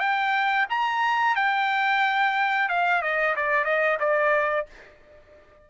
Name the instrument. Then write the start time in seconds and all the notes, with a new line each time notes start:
trumpet
0.00 G5
0.70 A#5
1.36 G5
2.69 F5
3.02 D#5
3.37 D5
3.65 D#5
4.00 D5